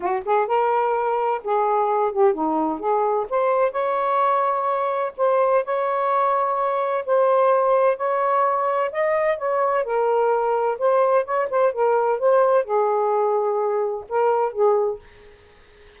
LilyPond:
\new Staff \with { instrumentName = "saxophone" } { \time 4/4 \tempo 4 = 128 fis'8 gis'8 ais'2 gis'4~ | gis'8 g'8 dis'4 gis'4 c''4 | cis''2. c''4 | cis''2. c''4~ |
c''4 cis''2 dis''4 | cis''4 ais'2 c''4 | cis''8 c''8 ais'4 c''4 gis'4~ | gis'2 ais'4 gis'4 | }